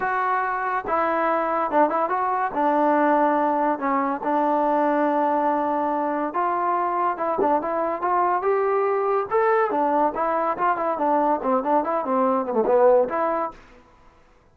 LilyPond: \new Staff \with { instrumentName = "trombone" } { \time 4/4 \tempo 4 = 142 fis'2 e'2 | d'8 e'8 fis'4 d'2~ | d'4 cis'4 d'2~ | d'2. f'4~ |
f'4 e'8 d'8 e'4 f'4 | g'2 a'4 d'4 | e'4 f'8 e'8 d'4 c'8 d'8 | e'8 c'4 b16 a16 b4 e'4 | }